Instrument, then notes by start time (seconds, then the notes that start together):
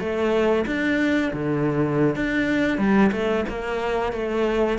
cello
0.00 A3
0.67 D4
1.34 D3
2.16 D4
2.78 G3
3.12 A3
3.49 A#3
4.13 A3